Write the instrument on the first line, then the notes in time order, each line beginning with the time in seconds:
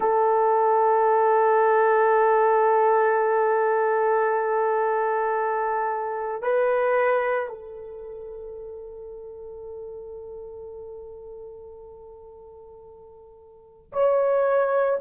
horn
0.00 A4
6.42 B4
7.48 A4
13.92 C#5